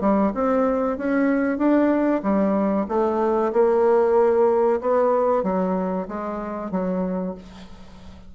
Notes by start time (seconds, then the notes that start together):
0.00 G3
0.34 C4
0.97 C#4
1.58 D4
2.23 G3
2.88 A3
3.52 A#3
4.80 B3
5.43 F#3
6.08 G#3
6.71 F#3